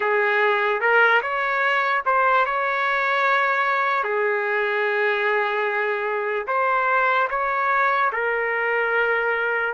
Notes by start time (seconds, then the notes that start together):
0.00 G#4
0.80 A#4
1.22 C#5
2.05 C5
2.45 C#5
4.03 G#4
6.47 C5
7.30 C#5
8.12 A#4